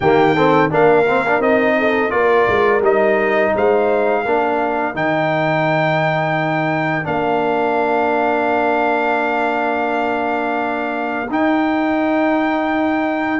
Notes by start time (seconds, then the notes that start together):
0.00 D#3 A#3 G4 G5
0.34 C4 A4
0.70 A#3 D4 A#4 F5
1.07 C4
1.26 D4
1.39 C4 D#4 D#5
1.78 A4
2.10 A#3 F4 A#4 D5
2.47 G#3
2.81 G3 D#4 D#5
3.54 G#3 C5 F5
4.23 A#3 D4 A#4
4.94 D#3 D#4 G5
7.03 A#3 D4 F5
11.29 D#4 G5